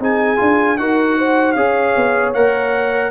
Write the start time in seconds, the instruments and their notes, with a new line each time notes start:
0.00 tuba C4, trombone D#4, horn G#4, trumpet G#5
0.37 tuba D4, trombone F4
0.78 tuba D#4, trombone F#4, horn A#4, trumpet F#5
1.18 horn C5
1.52 tuba C#4, trombone G#4, horn C#5, trumpet F5
1.96 tuba B3
2.34 tuba A#3, trombone A#4, trumpet F#5